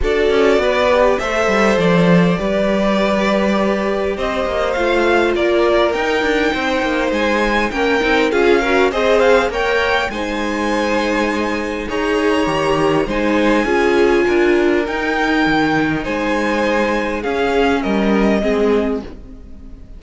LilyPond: <<
  \new Staff \with { instrumentName = "violin" } { \time 4/4 \tempo 4 = 101 d''2 e''4 d''4~ | d''2. dis''4 | f''4 d''4 g''2 | gis''4 g''4 f''4 dis''8 f''8 |
g''4 gis''2. | ais''2 gis''2~ | gis''4 g''2 gis''4~ | gis''4 f''4 dis''2 | }
  \new Staff \with { instrumentName = "violin" } { \time 4/4 a'4 b'4 c''2 | b'2. c''4~ | c''4 ais'2 c''4~ | c''4 ais'4 gis'8 ais'8 c''4 |
cis''4 c''2. | cis''2 c''4 gis'4 | ais'2. c''4~ | c''4 gis'4 ais'4 gis'4 | }
  \new Staff \with { instrumentName = "viola" } { \time 4/4 fis'4. g'8 a'2 | g'1 | f'2 dis'2~ | dis'4 cis'8 dis'8 f'8 fis'8 gis'4 |
ais'4 dis'2. | gis'4 g'4 dis'4 f'4~ | f'4 dis'2.~ | dis'4 cis'2 c'4 | }
  \new Staff \with { instrumentName = "cello" } { \time 4/4 d'8 cis'8 b4 a8 g8 f4 | g2. c'8 ais8 | a4 ais4 dis'8 d'8 c'8 ais8 | gis4 ais8 c'8 cis'4 c'4 |
ais4 gis2. | dis'4 dis4 gis4 cis'4 | d'4 dis'4 dis4 gis4~ | gis4 cis'4 g4 gis4 | }
>>